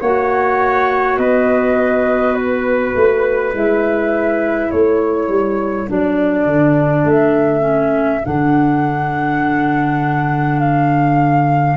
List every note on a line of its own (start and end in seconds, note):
0.00 1.17 A#3
0.00 3.53 F#4
0.00 1.18 C#5
0.00 1.18 F#5
1.17 2.93 B3
1.17 4.71 B4
1.17 2.35 D#5
2.35 3.52 B4
2.95 3.54 A3
3.53 4.71 G#3
3.53 5.88 E4
3.53 4.71 E5
4.71 5.28 A3
4.71 11.76 A4
4.71 5.88 C#5
5.28 5.87 G3
5.88 6.45 F#3
5.88 7.60 D4
5.88 7.09 D5
6.45 7.04 D3
7.04 8.22 A3
7.04 8.25 E5
7.60 8.19 C#4
8.25 11.76 D3
8.25 11.76 D4
8.25 10.59 F#5
10.59 11.76 F5